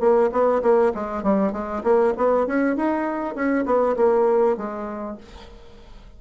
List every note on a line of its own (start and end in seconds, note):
0.00 0.30 A#3
0.32 0.62 B3
0.62 0.93 A#3
0.94 1.23 G#3
1.23 1.53 G3
1.53 1.83 G#3
1.83 2.14 A#3
2.17 2.47 B3
2.47 2.77 C#4
2.77 3.35 D#4
3.35 3.66 C#4
3.66 3.96 B3
3.97 4.57 A#3
4.57 5.18 G#3